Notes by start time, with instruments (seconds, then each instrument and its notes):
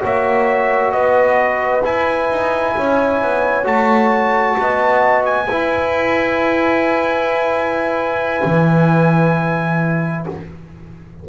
0.00 double bass A#3, trombone F#4, horn C#5, trumpet E5
0.92 double bass B3, horn B4, trumpet D#5
1.84 trombone E4, double bass E4, trumpet G#5
2.30 double bass D#4
2.76 double bass C#4, horn C#5
3.22 double bass B3
3.64 double bass A3, trombone F#4, trumpet A5
4.59 double bass B3, horn D#5
5.25 trumpet G#5
5.47 double bass E4, trombone E4, horn B4
8.45 double bass E3